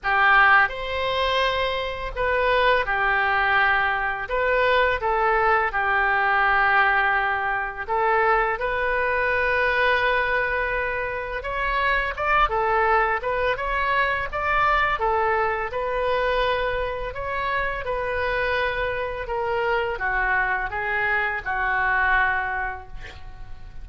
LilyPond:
\new Staff \with { instrumentName = "oboe" } { \time 4/4 \tempo 4 = 84 g'4 c''2 b'4 | g'2 b'4 a'4 | g'2. a'4 | b'1 |
cis''4 d''8 a'4 b'8 cis''4 | d''4 a'4 b'2 | cis''4 b'2 ais'4 | fis'4 gis'4 fis'2 | }